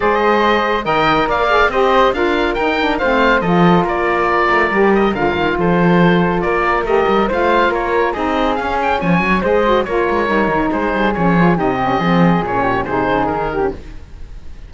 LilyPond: <<
  \new Staff \with { instrumentName = "oboe" } { \time 4/4 \tempo 4 = 140 dis''2 g''4 f''4 | dis''4 f''4 g''4 f''4 | dis''4 d''2~ d''8 dis''8 | f''4 c''2 d''4 |
dis''4 f''4 cis''4 dis''4 | f''8 g''8 gis''4 dis''4 cis''4~ | cis''4 c''4 cis''4 dis''4~ | dis''4 cis''4 c''4 ais'4 | }
  \new Staff \with { instrumentName = "flute" } { \time 4/4 c''2 dis''4 d''4 | c''4 ais'2 c''4 | a'4 ais'2.~ | ais'4 a'2 ais'4~ |
ais'4 c''4 ais'4 gis'4~ | gis'4 cis''4 c''4 ais'4~ | ais'4 gis'2 g'4 | gis'4. g'8 gis'4. g'8 | }
  \new Staff \with { instrumentName = "saxophone" } { \time 4/4 gis'2 ais'4. gis'8 | g'4 f'4 dis'8 d'8 c'4 | f'2. g'4 | f'1 |
g'4 f'2 dis'4 | cis'2 gis'8 fis'8 f'4 | dis'2 cis'8 f'8 dis'8 cis'8 | c'4 cis'4 dis'4.~ dis'16 cis'16 | }
  \new Staff \with { instrumentName = "cello" } { \time 4/4 gis2 dis4 ais4 | c'4 d'4 dis'4 a4 | f4 ais4. a8 g4 | d8 dis8 f2 ais4 |
a8 g8 a4 ais4 c'4 | cis'4 f8 fis8 gis4 ais8 gis8 | g8 dis8 gis8 g8 f4 c4 | f4 ais,4 c8 cis8 dis4 | }
>>